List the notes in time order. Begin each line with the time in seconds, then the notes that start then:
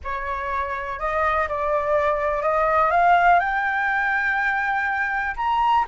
0.04 C#5
0.99 D#5
1.48 D5
2.42 D#5
2.90 F5
3.39 G5
5.36 A#5